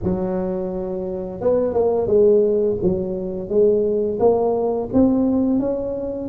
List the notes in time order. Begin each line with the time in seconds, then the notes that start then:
0.03 F#3
1.40 B3
1.73 A#3
2.07 G#3
2.82 F#3
3.49 G#3
4.19 A#3
4.93 C4
5.59 C#4